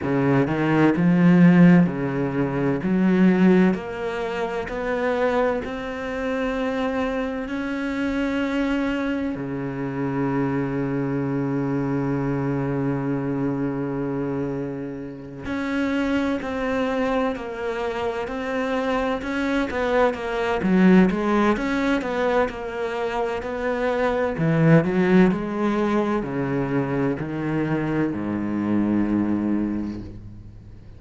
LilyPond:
\new Staff \with { instrumentName = "cello" } { \time 4/4 \tempo 4 = 64 cis8 dis8 f4 cis4 fis4 | ais4 b4 c'2 | cis'2 cis2~ | cis1~ |
cis8 cis'4 c'4 ais4 c'8~ | c'8 cis'8 b8 ais8 fis8 gis8 cis'8 b8 | ais4 b4 e8 fis8 gis4 | cis4 dis4 gis,2 | }